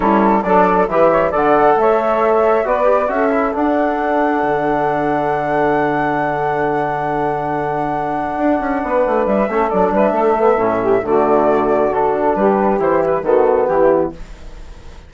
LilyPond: <<
  \new Staff \with { instrumentName = "flute" } { \time 4/4 \tempo 4 = 136 a'4 d''4 e''4 fis''4 | e''2 d''4 e''4 | fis''1~ | fis''1~ |
fis''1~ | fis''4 e''4 d''8 e''4.~ | e''4 d''2 a'4 | b'4 c''8 b'8 a'4 g'4 | }
  \new Staff \with { instrumentName = "saxophone" } { \time 4/4 e'4 a'4 b'8 cis''8 d''4 | cis''2 b'4 a'4~ | a'1~ | a'1~ |
a'1 | b'4. a'4 b'8 a'4~ | a'8 g'8 fis'2. | g'2 fis'4 e'4 | }
  \new Staff \with { instrumentName = "trombone" } { \time 4/4 cis'4 d'4 g'4 a'4~ | a'2 fis'8 g'8 fis'8 e'8 | d'1~ | d'1~ |
d'1~ | d'4. cis'8 d'4. b8 | cis'4 a2 d'4~ | d'4 e'4 b2 | }
  \new Staff \with { instrumentName = "bassoon" } { \time 4/4 g4 fis4 e4 d4 | a2 b4 cis'4 | d'2 d2~ | d1~ |
d2. d'8 cis'8 | b8 a8 g8 a8 fis8 g8 a4 | a,4 d2. | g4 e4 dis4 e4 | }
>>